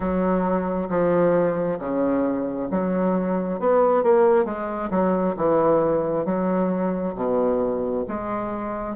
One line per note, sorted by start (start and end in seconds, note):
0.00 0.88 F#3
0.89 1.79 F3
1.79 2.69 C#3
2.70 3.59 F#3
3.59 4.03 B3
4.03 4.45 A#3
4.45 4.89 G#3
4.90 5.35 F#3
5.36 6.25 E3
6.25 7.14 F#3
7.15 8.04 B2
8.08 8.96 G#3